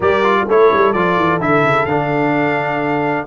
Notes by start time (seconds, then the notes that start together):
0.00 G3 G4 A#4 D5
0.23 F4
0.48 A3 E4 A4 C#5
0.73 G3
0.92 F3 F4 D5
1.16 E3
1.40 D3 E4 E5
1.63 C#3
1.85 D3 D4 F5